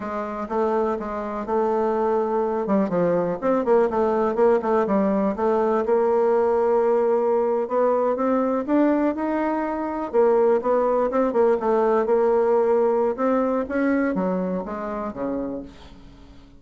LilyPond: \new Staff \with { instrumentName = "bassoon" } { \time 4/4 \tempo 4 = 123 gis4 a4 gis4 a4~ | a4. g8 f4 c'8 ais8 | a4 ais8 a8 g4 a4 | ais2.~ ais8. b16~ |
b8. c'4 d'4 dis'4~ dis'16~ | dis'8. ais4 b4 c'8 ais8 a16~ | a8. ais2~ ais16 c'4 | cis'4 fis4 gis4 cis4 | }